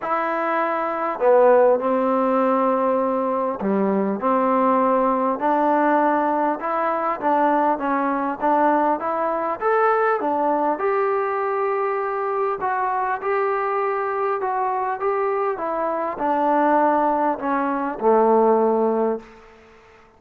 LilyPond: \new Staff \with { instrumentName = "trombone" } { \time 4/4 \tempo 4 = 100 e'2 b4 c'4~ | c'2 g4 c'4~ | c'4 d'2 e'4 | d'4 cis'4 d'4 e'4 |
a'4 d'4 g'2~ | g'4 fis'4 g'2 | fis'4 g'4 e'4 d'4~ | d'4 cis'4 a2 | }